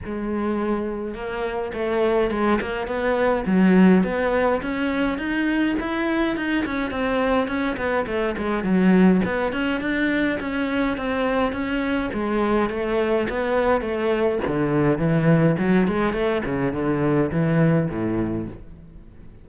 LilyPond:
\new Staff \with { instrumentName = "cello" } { \time 4/4 \tempo 4 = 104 gis2 ais4 a4 | gis8 ais8 b4 fis4 b4 | cis'4 dis'4 e'4 dis'8 cis'8 | c'4 cis'8 b8 a8 gis8 fis4 |
b8 cis'8 d'4 cis'4 c'4 | cis'4 gis4 a4 b4 | a4 d4 e4 fis8 gis8 | a8 cis8 d4 e4 a,4 | }